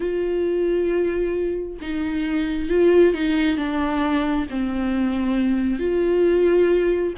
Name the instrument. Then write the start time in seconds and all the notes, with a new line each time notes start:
viola
0.00 F4
1.81 D#4
2.69 F4
3.14 D#4
3.57 D4
4.50 C4
5.79 F4